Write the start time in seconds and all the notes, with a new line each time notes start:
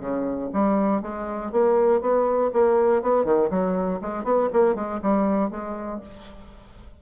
0.00 C#3
0.54 G3
1.02 G#3
1.52 A#3
2.02 B3
2.53 A#3
3.02 B3
3.25 D#3
3.50 F#3
4.02 G#3
4.24 B3
4.53 A#3
4.75 G#3
5.03 G3
5.51 G#3